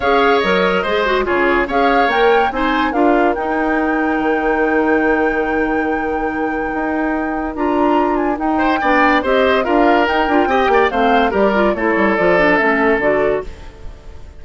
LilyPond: <<
  \new Staff \with { instrumentName = "flute" } { \time 4/4 \tempo 4 = 143 f''4 dis''2 cis''4 | f''4 g''4 gis''4 f''4 | g''1~ | g''1~ |
g''2 ais''4. gis''8 | g''2 dis''4 f''4 | g''2 f''4 d''4 | cis''4 d''4 e''4 d''4 | }
  \new Staff \with { instrumentName = "oboe" } { \time 4/4 cis''2 c''4 gis'4 | cis''2 c''4 ais'4~ | ais'1~ | ais'1~ |
ais'1~ | ais'8 c''8 d''4 c''4 ais'4~ | ais'4 dis''8 d''8 c''4 ais'4 | a'1 | }
  \new Staff \with { instrumentName = "clarinet" } { \time 4/4 gis'4 ais'4 gis'8 fis'8 f'4 | gis'4 ais'4 dis'4 f'4 | dis'1~ | dis'1~ |
dis'2 f'2 | dis'4 d'4 g'4 f'4 | dis'8 f'8 g'4 c'4 g'8 f'8 | e'4 f'8 d'8 cis'4 fis'4 | }
  \new Staff \with { instrumentName = "bassoon" } { \time 4/4 cis'4 fis4 gis4 cis4 | cis'4 ais4 c'4 d'4 | dis'2 dis2~ | dis1 |
dis'2 d'2 | dis'4 b4 c'4 d'4 | dis'8 d'8 c'8 ais8 a4 g4 | a8 g8 f4 a4 d4 | }
>>